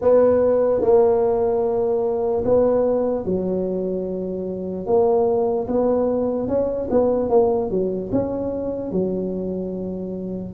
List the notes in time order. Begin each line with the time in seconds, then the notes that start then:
0.01 B3
0.81 A#3
2.44 B3
3.25 F#3
4.86 A#3
5.68 B3
6.48 C#4
6.90 B3
7.29 A#3
7.70 F#3
8.12 C#4
8.92 F#3